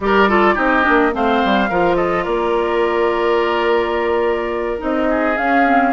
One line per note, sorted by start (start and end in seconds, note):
0.00 0.56 G3
0.00 0.28 G4
0.00 0.29 A#4
0.00 0.57 D5
0.28 0.55 F4
0.28 0.54 A4
0.54 0.85 C4
0.54 0.83 D#4
0.54 1.11 G4
0.54 1.14 D#5
0.83 1.14 A#3
0.83 1.11 D4
1.12 1.42 A3
1.12 1.68 C4
1.12 1.69 C5
1.12 1.95 F5
1.44 1.70 G3
1.69 2.26 F3
1.69 4.78 F4
1.69 1.96 A#4
1.95 2.23 A4
1.95 2.24 D#5
2.23 4.81 A#3
2.23 5.06 A#4
2.23 4.79 D5
4.78 5.37 C4
4.78 5.35 D#4
4.78 5.37 D#5
5.09 5.92 G#4
5.35 5.64 C#4
5.35 5.92 C#4
5.35 5.92 F5
5.65 5.92 C4